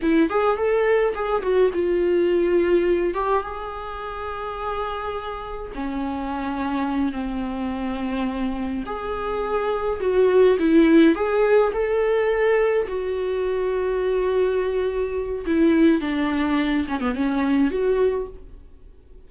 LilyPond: \new Staff \with { instrumentName = "viola" } { \time 4/4 \tempo 4 = 105 e'8 gis'8 a'4 gis'8 fis'8 f'4~ | f'4. g'8 gis'2~ | gis'2 cis'2~ | cis'8 c'2. gis'8~ |
gis'4. fis'4 e'4 gis'8~ | gis'8 a'2 fis'4.~ | fis'2. e'4 | d'4. cis'16 b16 cis'4 fis'4 | }